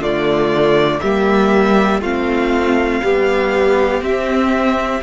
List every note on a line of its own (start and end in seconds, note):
0.00 1.00 D3
0.00 1.02 A3
0.00 1.00 F4
0.00 1.00 D5
1.00 2.01 G3
1.00 2.03 A#3
1.00 2.01 G4
1.00 2.00 E5
2.01 3.01 A3
2.01 3.02 C4
2.01 3.01 F4
2.01 4.03 F5
3.02 4.00 G3
3.02 4.02 B3
3.02 5.02 G4
4.00 5.00 C4
4.00 5.02 C4
4.00 5.02 E5